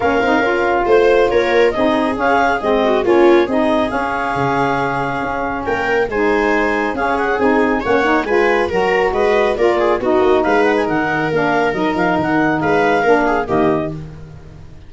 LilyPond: <<
  \new Staff \with { instrumentName = "clarinet" } { \time 4/4 \tempo 4 = 138 f''2 c''4 cis''4 | dis''4 f''4 dis''4 cis''4 | dis''4 f''2.~ | f''4 g''4 gis''2 |
f''8 fis''8 gis''4 fis''4 gis''4 | ais''4 dis''4 d''4 dis''4 | f''8 fis''16 gis''16 fis''4 f''4 dis''8 f''8 | fis''4 f''2 dis''4 | }
  \new Staff \with { instrumentName = "viola" } { \time 4/4 ais'2 c''4 ais'4 | gis'2~ gis'8 fis'8 f'4 | gis'1~ | gis'4 ais'4 c''2 |
gis'2 cis''4 b'4 | ais'4 b'4 ais'8 gis'8 fis'4 | b'4 ais'2.~ | ais'4 b'4 ais'8 gis'8 g'4 | }
  \new Staff \with { instrumentName = "saxophone" } { \time 4/4 cis'8 dis'8 f'2. | dis'4 cis'4 c'4 cis'4 | dis'4 cis'2.~ | cis'2 dis'2 |
cis'4 dis'4 cis'8 dis'8 f'4 | fis'2 f'4 dis'4~ | dis'2 d'4 dis'4~ | dis'2 d'4 ais4 | }
  \new Staff \with { instrumentName = "tuba" } { \time 4/4 ais8 c'8 cis'4 a4 ais4 | c'4 cis'4 gis4 ais4 | c'4 cis'4 cis2 | cis'4 ais4 gis2 |
cis'4 c'4 ais4 gis4 | fis4 gis4 ais4 b8 ais8 | gis4 dis4 ais4 fis8 f8 | dis4 gis4 ais4 dis4 | }
>>